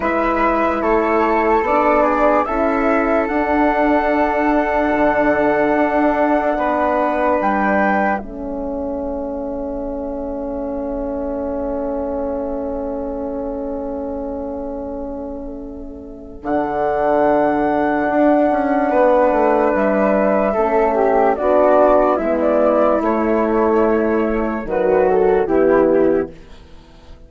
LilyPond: <<
  \new Staff \with { instrumentName = "flute" } { \time 4/4 \tempo 4 = 73 e''4 cis''4 d''4 e''4 | fis''1~ | fis''4 g''4 e''2~ | e''1~ |
e''1 | fis''1 | e''2 d''4 e''16 d''8. | cis''2 b'8 a'8 g'4 | }
  \new Staff \with { instrumentName = "flute" } { \time 4/4 b'4 a'4. gis'8 a'4~ | a'1 | b'2 a'2~ | a'1~ |
a'1~ | a'2. b'4~ | b'4 a'8 g'8 fis'4 e'4~ | e'2 fis'4 e'4 | }
  \new Staff \with { instrumentName = "horn" } { \time 4/4 e'2 d'4 e'4 | d'1~ | d'2 cis'2~ | cis'1~ |
cis'1 | d'1~ | d'4 cis'4 d'4 b4 | a2 fis4 b4 | }
  \new Staff \with { instrumentName = "bassoon" } { \time 4/4 gis4 a4 b4 cis'4 | d'2 d4 d'4 | b4 g4 a2~ | a1~ |
a1 | d2 d'8 cis'8 b8 a8 | g4 a4 b4 gis4 | a2 dis4 e4 | }
>>